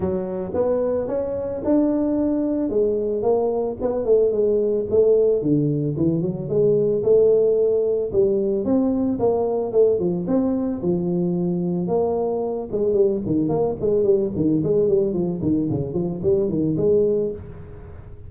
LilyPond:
\new Staff \with { instrumentName = "tuba" } { \time 4/4 \tempo 4 = 111 fis4 b4 cis'4 d'4~ | d'4 gis4 ais4 b8 a8 | gis4 a4 d4 e8 fis8 | gis4 a2 g4 |
c'4 ais4 a8 f8 c'4 | f2 ais4. gis8 | g8 dis8 ais8 gis8 g8 dis8 gis8 g8 | f8 dis8 cis8 f8 g8 dis8 gis4 | }